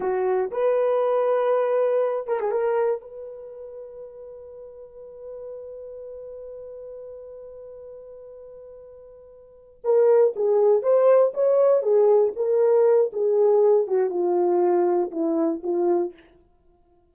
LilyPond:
\new Staff \with { instrumentName = "horn" } { \time 4/4 \tempo 4 = 119 fis'4 b'2.~ | b'8 ais'16 gis'16 ais'4 b'2~ | b'1~ | b'1~ |
b'2.~ b'8 ais'8~ | ais'8 gis'4 c''4 cis''4 gis'8~ | gis'8 ais'4. gis'4. fis'8 | f'2 e'4 f'4 | }